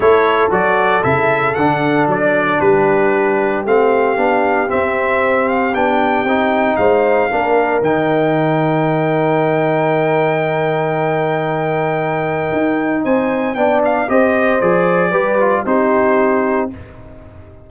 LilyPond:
<<
  \new Staff \with { instrumentName = "trumpet" } { \time 4/4 \tempo 4 = 115 cis''4 d''4 e''4 fis''4 | d''4 b'2 f''4~ | f''4 e''4. f''8 g''4~ | g''4 f''2 g''4~ |
g''1~ | g''1~ | g''4 gis''4 g''8 f''8 dis''4 | d''2 c''2 | }
  \new Staff \with { instrumentName = "horn" } { \time 4/4 a'1~ | a'4 g'2.~ | g'1~ | g'4 c''4 ais'2~ |
ais'1~ | ais'1~ | ais'4 c''4 d''4 c''4~ | c''4 b'4 g'2 | }
  \new Staff \with { instrumentName = "trombone" } { \time 4/4 e'4 fis'4 e'4 d'4~ | d'2. c'4 | d'4 c'2 d'4 | dis'2 d'4 dis'4~ |
dis'1~ | dis'1~ | dis'2 d'4 g'4 | gis'4 g'8 f'8 dis'2 | }
  \new Staff \with { instrumentName = "tuba" } { \time 4/4 a4 fis4 cis4 d4 | fis4 g2 a4 | b4 c'2 b4 | c'4 gis4 ais4 dis4~ |
dis1~ | dis1 | dis'4 c'4 b4 c'4 | f4 g4 c'2 | }
>>